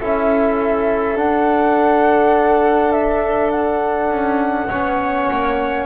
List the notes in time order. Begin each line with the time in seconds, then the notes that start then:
0.00 C#4 E4 A4 E5
1.15 D4 F#5
2.92 E5
3.51 F#5
4.11 C#4
4.69 B3 C#4 C#5
5.31 A#3